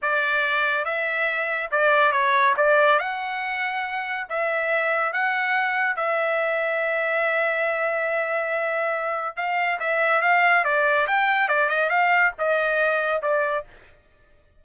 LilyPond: \new Staff \with { instrumentName = "trumpet" } { \time 4/4 \tempo 4 = 141 d''2 e''2 | d''4 cis''4 d''4 fis''4~ | fis''2 e''2 | fis''2 e''2~ |
e''1~ | e''2 f''4 e''4 | f''4 d''4 g''4 d''8 dis''8 | f''4 dis''2 d''4 | }